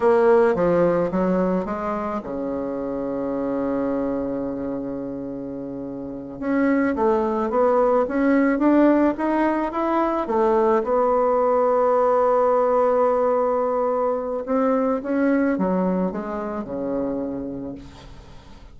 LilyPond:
\new Staff \with { instrumentName = "bassoon" } { \time 4/4 \tempo 4 = 108 ais4 f4 fis4 gis4 | cis1~ | cis2.~ cis8 cis'8~ | cis'8 a4 b4 cis'4 d'8~ |
d'8 dis'4 e'4 a4 b8~ | b1~ | b2 c'4 cis'4 | fis4 gis4 cis2 | }